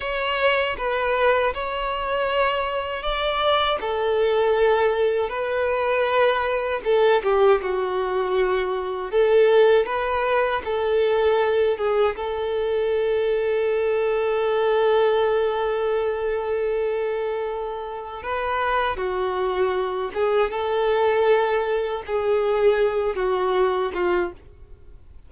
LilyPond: \new Staff \with { instrumentName = "violin" } { \time 4/4 \tempo 4 = 79 cis''4 b'4 cis''2 | d''4 a'2 b'4~ | b'4 a'8 g'8 fis'2 | a'4 b'4 a'4. gis'8 |
a'1~ | a'1 | b'4 fis'4. gis'8 a'4~ | a'4 gis'4. fis'4 f'8 | }